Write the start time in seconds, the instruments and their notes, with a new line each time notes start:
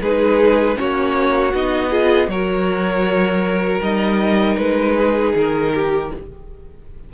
0.00 cello G#3, viola D#4, violin G#4 B4
0.74 cello A#3, viola C#4, violin F#4 C#5
1.53 cello B3, viola D#4, violin D#5
1.89 viola F4, violin G#4
2.27 cello F#3, viola F#4, violin A#4 C#5
3.80 cello G3, viola D#4, violin D#5
4.57 cello G#3, violin B4
4.96 violin G#4
5.34 cello D#3, violin A#4
5.74 violin G4